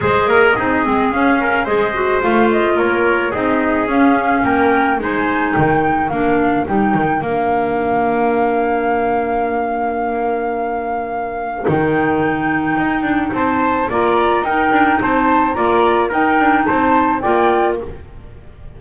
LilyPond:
<<
  \new Staff \with { instrumentName = "flute" } { \time 4/4 \tempo 4 = 108 dis''2 f''4 dis''4 | f''8 dis''8 cis''4 dis''4 f''4 | g''4 gis''4 g''4 f''4 | g''4 f''2.~ |
f''1~ | f''4 g''2. | a''4 ais''4 g''4 a''4 | ais''4 g''4 a''4 g''4 | }
  \new Staff \with { instrumentName = "trumpet" } { \time 4/4 c''8 ais'8 gis'4. ais'8 c''4~ | c''4 ais'4 gis'2 | ais'4 c''4 ais'2~ | ais'1~ |
ais'1~ | ais'1 | c''4 d''4 ais'4 c''4 | d''4 ais'4 c''4 d''4 | }
  \new Staff \with { instrumentName = "clarinet" } { \time 4/4 gis'4 dis'8 c'8 cis'4 gis'8 fis'8 | f'2 dis'4 cis'4~ | cis'4 dis'2 d'4 | dis'4 d'2.~ |
d'1~ | d'4 dis'2.~ | dis'4 f'4 dis'2 | f'4 dis'2 f'4 | }
  \new Staff \with { instrumentName = "double bass" } { \time 4/4 gis8 ais8 c'8 gis8 cis'4 gis4 | a4 ais4 c'4 cis'4 | ais4 gis4 dis4 ais4 | g8 dis8 ais2.~ |
ais1~ | ais4 dis2 dis'8 d'8 | c'4 ais4 dis'8 d'8 c'4 | ais4 dis'8 d'8 c'4 ais4 | }
>>